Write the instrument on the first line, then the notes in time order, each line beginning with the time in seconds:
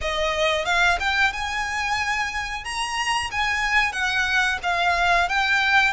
violin
0.01 D#5
0.65 F5
0.99 G5
1.32 G#5
2.64 A#5
3.31 G#5
3.92 F#5
4.62 F5
5.29 G5